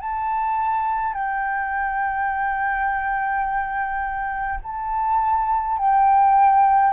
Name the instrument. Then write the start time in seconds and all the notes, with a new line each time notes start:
flute
0.00 A5
1.13 G5
4.63 A5
5.78 G5